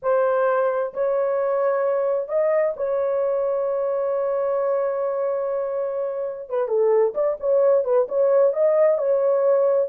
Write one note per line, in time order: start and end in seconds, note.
0.02 0.93 C5
0.93 2.28 C#5
2.28 2.74 D#5
2.76 6.49 C#5
6.49 6.68 B4
6.68 7.13 A4
7.14 7.37 D5
7.39 7.84 C#5
7.84 8.07 B4
8.08 8.53 C#5
8.53 8.98 D#5
8.98 9.89 C#5